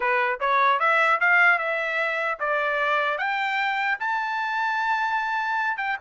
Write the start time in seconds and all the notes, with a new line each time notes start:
0.00 B4
0.39 C#5
0.79 E5
1.20 F5
1.58 E5
2.39 D5
3.18 G5
3.99 A5
5.77 G5